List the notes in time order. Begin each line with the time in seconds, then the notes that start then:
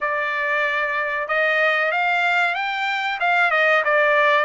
0.00 D5
1.28 D#5
1.91 F5
2.54 G5
3.20 F5
3.50 D#5
3.84 D5